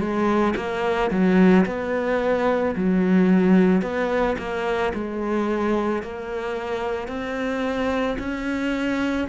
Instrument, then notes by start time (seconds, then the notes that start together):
cello
0.00 G#3
0.57 A#3
1.11 F#3
1.66 B3
2.76 F#3
3.82 B3
4.38 A#3
4.94 G#3
6.02 A#3
7.08 C4
8.19 C#4